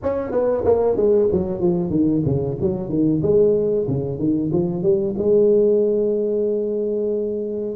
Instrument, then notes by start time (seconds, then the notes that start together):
tuba
0.02 C#4
0.31 B3
0.64 A#3
0.96 G#3
1.32 F#3
1.60 F3
1.90 D#3
2.25 C#3
2.60 F#3
2.89 D#3
3.22 G#3
3.87 C#3
4.18 D#3
4.52 F3
4.82 G3
5.18 G#3